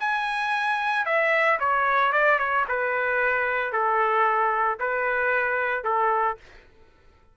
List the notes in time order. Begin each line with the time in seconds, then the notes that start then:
0.00 G#5
1.06 E5
1.60 C#5
2.13 D5
2.39 C#5
2.69 B4
3.73 A4
4.80 B4
5.85 A4